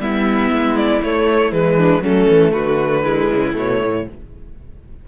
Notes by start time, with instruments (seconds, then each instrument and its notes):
0.00 cello G3, viola B3, violin E4 E5
0.51 cello G#3
0.77 violin D5
1.03 cello A3, viola A3, violin C#5
1.52 cello E3, viola G#3, violin B4
1.76 violin D4
2.01 cello F#3, viola A3, violin C#4 A4
2.29 cello E3
2.53 cello D3, violin F#4 B4
3.04 viola G#3, violin E4
3.33 cello C#3
3.53 cello B2, viola A3, violin C#5
3.82 cello A2